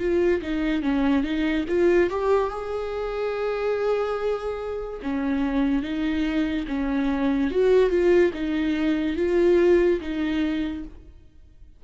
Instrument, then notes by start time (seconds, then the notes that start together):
viola
0.00 F4
0.42 D#4
0.83 C#4
1.24 D#4
1.69 F4
2.11 G4
2.50 G#4
5.03 C#4
5.83 D#4
6.68 C#4
7.51 F#4
7.90 F4
8.34 D#4
9.17 F4
10.01 D#4